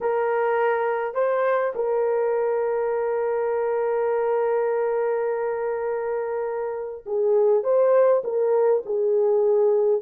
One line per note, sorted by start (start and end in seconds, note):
0.00 1.14 A#4
1.14 1.73 C5
1.75 7.04 A#4
7.06 7.63 G#4
7.63 8.22 C5
8.24 8.83 A#4
8.85 10.01 G#4